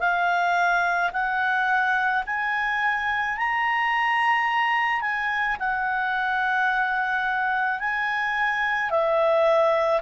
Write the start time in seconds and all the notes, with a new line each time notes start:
0.00 F5
1.13 F#5
2.27 G#5
3.38 A#5
5.02 G#5
5.60 F#5
7.80 G#5
8.90 E5